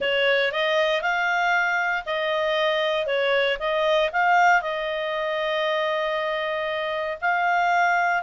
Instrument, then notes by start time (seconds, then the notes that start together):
clarinet
0.00 C#5
0.52 D#5
1.01 F5
2.05 D#5
3.06 C#5
3.59 D#5
4.12 F5
4.61 D#5
7.21 F5